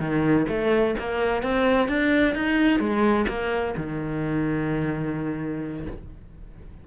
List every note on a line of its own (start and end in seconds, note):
0.00 0.47 D#3
0.49 0.95 A3
0.99 1.43 A#3
1.43 1.89 C4
1.89 2.35 D4
2.35 2.79 D#4
2.79 3.26 G#3
3.28 3.75 A#3
3.77 5.87 D#3